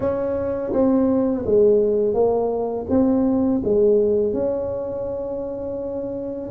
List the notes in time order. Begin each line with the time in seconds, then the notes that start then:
0.00 C#4
0.72 C4
1.45 G#3
2.13 A#3
2.89 C4
3.63 G#3
4.33 C#4